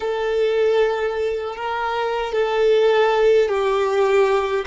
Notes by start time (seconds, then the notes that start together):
0.00 A4
1.56 A#4
2.32 A4
3.48 G4